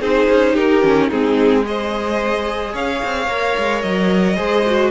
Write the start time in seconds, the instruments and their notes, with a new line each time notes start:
0.00 cello C4, viola D#4, violin G#4 C5
0.29 cello C#4
0.53 cello D#4, violin G4 A#4
0.82 cello D#3, viola C#4
1.08 cello G#3, viola C4, violin D#4 G#4
1.64 viola G#4, violin C5 D#5
2.73 cello C#4, violin C#5 F5
3.04 cello C4
3.26 cello A#3, viola A#4
3.58 cello G#3
3.81 cello F#3, violin D#5
4.36 cello G#3, viola G#4, violin C5
4.66 viola F#4